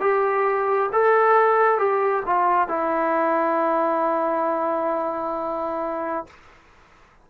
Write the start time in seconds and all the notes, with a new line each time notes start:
0.00 G4
0.92 A4
1.78 G4
2.26 F4
2.68 E4